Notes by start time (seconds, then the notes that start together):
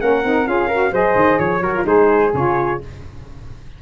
0.00 A#3 C#4 A#4 F#5
0.24 C4 D#4
0.46 C#4 F4 G#4 F5
0.67 F#4 A#4
0.91 F#3 G#4 C5 D#5
1.16 D#3
1.38 F3 C#5
1.61 F#3 F#4 A#4
1.75 F4
1.84 G#3 D#4 G#4 C5
2.34 C#3 F4 C#5